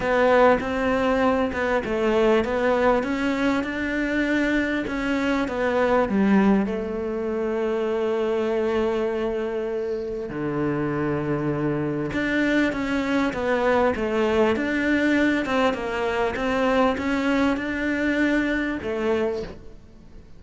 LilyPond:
\new Staff \with { instrumentName = "cello" } { \time 4/4 \tempo 4 = 99 b4 c'4. b8 a4 | b4 cis'4 d'2 | cis'4 b4 g4 a4~ | a1~ |
a4 d2. | d'4 cis'4 b4 a4 | d'4. c'8 ais4 c'4 | cis'4 d'2 a4 | }